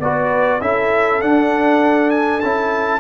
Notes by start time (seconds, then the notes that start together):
0.00 B3 F#4 B4 D5
0.61 C#4 E4 A4 E5
1.22 D4 F#5
2.11 G#5
2.41 C#4 E4 A5